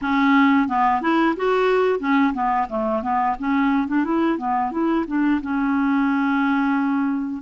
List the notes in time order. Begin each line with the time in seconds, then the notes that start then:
0.01 C#4
0.68 B3
1.01 E4
1.36 F#4
1.99 C#4
2.33 B3
2.69 A3
3.02 B3
3.38 C#4
3.87 D4
4.04 E4
4.38 B3
4.71 E4
5.07 D4
5.41 C#4